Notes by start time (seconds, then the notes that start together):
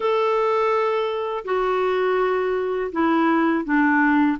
0.00 A4
1.44 F#4
2.92 E4
3.64 D4